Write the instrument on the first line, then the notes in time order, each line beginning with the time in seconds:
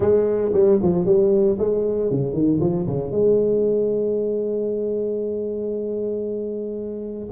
tuba
0.00 G#3
0.53 G3
0.82 F3
1.05 G3
1.58 G#3
2.11 C#3
2.33 D#3
2.60 F3
2.86 C#3
3.11 G#3